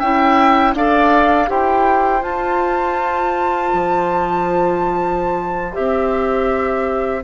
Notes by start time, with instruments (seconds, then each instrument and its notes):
0.00 bassoon C#4, clarinet E4, oboe E5, flute G5
0.74 bassoon D4, clarinet A4, oboe D5, flute F5
1.47 bassoon E4, clarinet G4, oboe C5, flute G5
2.22 clarinet F4, bassoon F4, flute A5
3.73 bassoon F3
5.73 bassoon C4, clarinet G4, flute E5